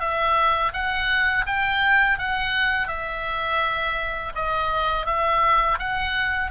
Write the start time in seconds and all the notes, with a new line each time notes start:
0.00 E5
0.73 F#5
1.47 G5
2.19 F#5
2.88 E5
4.35 D#5
5.06 E5
5.79 F#5